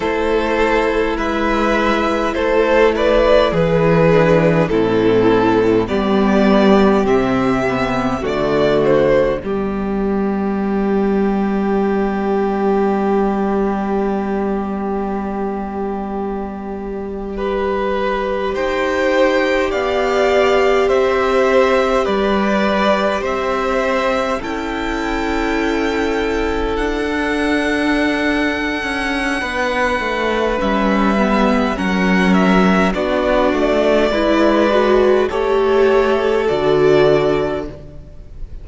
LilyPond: <<
  \new Staff \with { instrumentName = "violin" } { \time 4/4 \tempo 4 = 51 c''4 e''4 c''8 d''8 b'4 | a'4 d''4 e''4 d''8 c''8 | d''1~ | d''2.~ d''8. g''16~ |
g''8. f''4 e''4 d''4 e''16~ | e''8. g''2 fis''4~ fis''16~ | fis''2 e''4 fis''8 e''8 | d''2 cis''4 d''4 | }
  \new Staff \with { instrumentName = "violin" } { \time 4/4 a'4 b'4 a'8 b'8 gis'4 | e'4 g'2 fis'4 | g'1~ | g'2~ g'8. b'4 c''16~ |
c''8. d''4 c''4 b'4 c''16~ | c''8. a'2.~ a'16~ | a'4 b'2 ais'4 | fis'4 b'4 a'2 | }
  \new Staff \with { instrumentName = "viola" } { \time 4/4 e'2.~ e'8 d'8 | c'4 b4 c'8 b8 a4 | b1~ | b2~ b8. g'4~ g'16~ |
g'1~ | g'8. e'2~ e'16 d'4~ | d'2 cis'8 b8 cis'4 | d'4 e'8 fis'8 g'4 fis'4 | }
  \new Staff \with { instrumentName = "cello" } { \time 4/4 a4 gis4 a4 e4 | a,4 g4 c4 d4 | g1~ | g2.~ g8. dis'16~ |
dis'8. b4 c'4 g4 c'16~ | c'8. cis'2 d'4~ d'16~ | d'8 cis'8 b8 a8 g4 fis4 | b8 a8 gis4 a4 d4 | }
>>